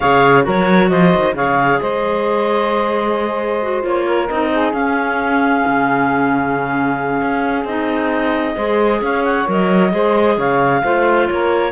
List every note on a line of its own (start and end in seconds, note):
0.00 0.46 C#3
0.00 0.43 G#4
0.00 0.44 C#5
0.00 0.44 F5
0.43 0.91 F#3
0.43 1.34 F#4
0.43 0.89 A#4
0.43 0.89 C#5
0.89 1.13 F3
0.89 1.35 C5
0.89 1.34 D#5
1.14 1.34 D#3
1.34 1.79 C#3
1.34 3.61 G#4
1.34 1.80 C#5
1.34 1.80 F5
1.80 3.84 G#3
1.80 4.05 C5
1.80 3.83 D#5
3.62 3.81 F#4
3.81 4.29 A#3
3.81 4.26 F4
3.81 4.28 C#5
4.05 4.51 A#4
4.28 4.73 C4
4.28 4.72 D#4
4.28 4.73 D#5
4.51 8.56 G#4
4.72 7.65 C#4
4.72 5.63 C#4
4.72 7.66 F5
5.67 7.21 C#3
7.21 7.64 C#4
7.64 8.54 C4
7.64 8.55 D#4
7.64 9.01 D#5
8.55 9.01 G#3
8.55 9.45 G#4
8.55 9.01 C5
9.01 9.46 C#4
9.01 9.92 C#5
9.01 9.24 F5
9.24 9.47 F#5
9.45 9.93 F#3
9.45 9.91 A#4
9.45 10.39 D#5
9.91 10.37 G#3
9.91 10.81 G#4
9.91 10.36 C5
10.36 10.82 C#3
10.36 10.81 C#5
10.36 11.28 F5
10.83 11.29 A3
10.83 11.71 F4
10.83 11.28 C5
11.28 11.71 A#3
11.28 11.71 A#4
11.28 11.71 C#5